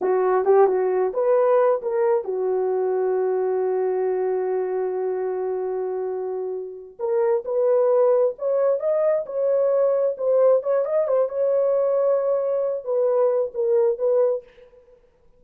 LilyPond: \new Staff \with { instrumentName = "horn" } { \time 4/4 \tempo 4 = 133 fis'4 g'8 fis'4 b'4. | ais'4 fis'2.~ | fis'1~ | fis'2.~ fis'8 ais'8~ |
ais'8 b'2 cis''4 dis''8~ | dis''8 cis''2 c''4 cis''8 | dis''8 c''8 cis''2.~ | cis''8 b'4. ais'4 b'4 | }